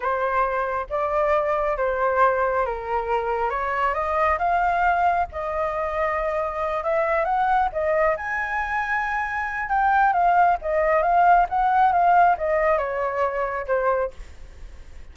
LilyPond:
\new Staff \with { instrumentName = "flute" } { \time 4/4 \tempo 4 = 136 c''2 d''2 | c''2 ais'2 | cis''4 dis''4 f''2 | dis''2.~ dis''8 e''8~ |
e''8 fis''4 dis''4 gis''4.~ | gis''2 g''4 f''4 | dis''4 f''4 fis''4 f''4 | dis''4 cis''2 c''4 | }